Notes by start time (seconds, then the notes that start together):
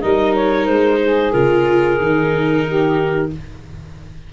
0.00 G3 D#4 A#4 D#5
0.35 C#5
0.66 G#3 C5
1.03 G#4
1.32 C#3 F4 A#4
2.00 D#3 D#4
2.67 G4